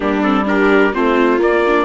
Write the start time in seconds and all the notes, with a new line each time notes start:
0.00 G3 A#3 D4 G4
0.22 C4 A4
0.45 D4 G4 A#4
0.92 A3 C4 F4 C5
1.38 A#3 D5
1.66 D4